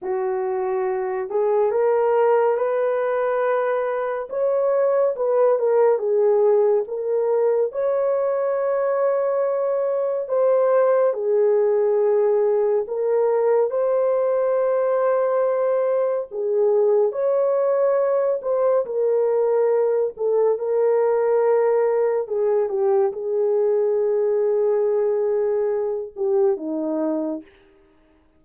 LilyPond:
\new Staff \with { instrumentName = "horn" } { \time 4/4 \tempo 4 = 70 fis'4. gis'8 ais'4 b'4~ | b'4 cis''4 b'8 ais'8 gis'4 | ais'4 cis''2. | c''4 gis'2 ais'4 |
c''2. gis'4 | cis''4. c''8 ais'4. a'8 | ais'2 gis'8 g'8 gis'4~ | gis'2~ gis'8 g'8 dis'4 | }